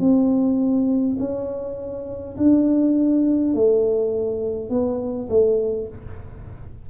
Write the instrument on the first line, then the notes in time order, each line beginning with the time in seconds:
tuba
0.00 C4
1.19 C#4
2.37 D4
3.54 A3
4.70 B3
5.29 A3